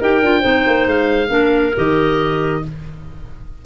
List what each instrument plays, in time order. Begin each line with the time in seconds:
0.00 tuba D#4, clarinet G4 A#4, oboe G5
0.22 tuba D4, clarinet F4
0.40 tuba C4, clarinet D#4 C5
0.67 tuba A#3
0.87 tuba G#3, oboe F5
1.28 tuba A#3, clarinet D4 A#4
1.76 tuba D#3, clarinet G4, oboe D#5